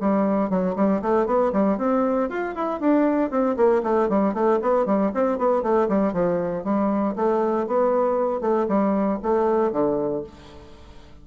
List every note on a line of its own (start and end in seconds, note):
0.00 0.49 G3
0.49 0.75 F#3
0.76 1.01 G3
1.02 1.26 A3
1.26 1.52 B3
1.52 1.78 G3
1.78 2.29 C4
2.29 2.55 F4
2.55 2.80 E4
2.80 3.30 D4
3.30 3.56 C4
3.56 3.82 A#3
3.83 4.09 A3
4.09 4.33 G3
4.33 4.59 A3
4.62 4.86 B3
4.86 5.11 G3
5.14 5.38 C4
5.38 5.62 B3
5.62 5.88 A3
5.88 6.13 G3
6.13 6.64 F3
6.64 7.15 G3
7.15 7.67 A3
7.67 8.41 B3
8.41 8.66 A3
8.68 9.19 G3
9.22 9.72 A3
9.72 10.23 D3